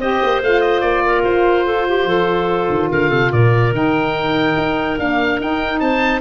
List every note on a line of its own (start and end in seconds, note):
0.00 0.21 C4
0.00 0.43 G4
0.00 1.05 C5
0.00 0.42 D#5
0.23 0.43 A#3
0.43 0.82 A3
0.43 3.73 F4
0.43 0.61 F5
0.61 0.81 D#5
0.81 1.24 A#3
0.81 1.23 D5
1.06 1.66 A#4
1.24 2.05 F4
1.24 2.90 C5
1.66 1.87 A4
1.89 2.08 G4
2.05 2.67 F3
2.05 2.90 A4
2.70 2.91 D#3
2.90 3.11 D3
2.90 3.10 A#4
2.90 3.33 F5
3.10 3.32 C3
3.10 3.31 A4
3.33 3.73 A#2
3.33 5.81 A#4
3.33 3.74 D5
3.73 4.55 D#3
3.73 4.97 D#4
3.73 5.00 G5
4.57 4.99 D#4
4.99 5.40 A#3
4.99 5.40 D4
4.99 5.41 F5
5.40 6.21 D#4
5.40 5.81 D#4
5.40 5.80 G5
5.80 6.21 C4
5.80 6.21 C5
5.80 6.21 A5